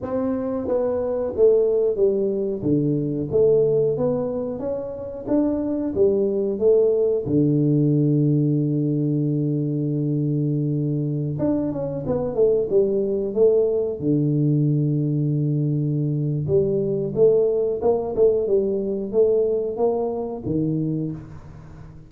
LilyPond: \new Staff \with { instrumentName = "tuba" } { \time 4/4 \tempo 4 = 91 c'4 b4 a4 g4 | d4 a4 b4 cis'4 | d'4 g4 a4 d4~ | d1~ |
d4~ d16 d'8 cis'8 b8 a8 g8.~ | g16 a4 d2~ d8.~ | d4 g4 a4 ais8 a8 | g4 a4 ais4 dis4 | }